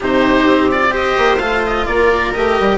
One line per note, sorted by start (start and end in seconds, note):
0.00 0.45 C3
0.00 0.71 D#4
0.00 0.92 G4
0.00 0.71 C5
0.45 1.16 C4
0.71 0.90 F4
0.71 0.94 D5
0.90 1.37 G4
0.90 1.86 C5
0.90 1.37 D#5
1.17 1.39 A#3
1.37 1.86 A3
1.37 2.33 F4
1.37 1.61 F5
1.65 1.86 D#5
1.86 2.34 A#3
1.86 2.78 A#4
1.86 2.33 D5
2.33 2.60 A3
2.33 2.78 G4
2.33 2.78 D#5
2.60 2.78 G3